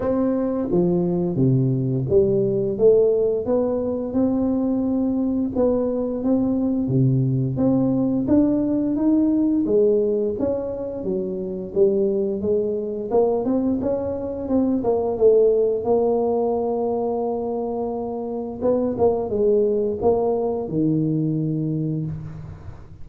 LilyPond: \new Staff \with { instrumentName = "tuba" } { \time 4/4 \tempo 4 = 87 c'4 f4 c4 g4 | a4 b4 c'2 | b4 c'4 c4 c'4 | d'4 dis'4 gis4 cis'4 |
fis4 g4 gis4 ais8 c'8 | cis'4 c'8 ais8 a4 ais4~ | ais2. b8 ais8 | gis4 ais4 dis2 | }